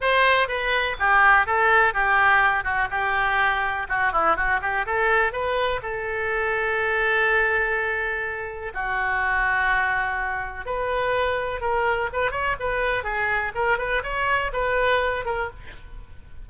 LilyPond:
\new Staff \with { instrumentName = "oboe" } { \time 4/4 \tempo 4 = 124 c''4 b'4 g'4 a'4 | g'4. fis'8 g'2 | fis'8 e'8 fis'8 g'8 a'4 b'4 | a'1~ |
a'2 fis'2~ | fis'2 b'2 | ais'4 b'8 cis''8 b'4 gis'4 | ais'8 b'8 cis''4 b'4. ais'8 | }